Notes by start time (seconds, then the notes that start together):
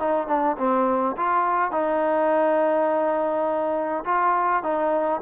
0.00 D#4
0.28 D4
0.58 C4
1.17 F4
1.72 D#4
4.05 F4
4.63 D#4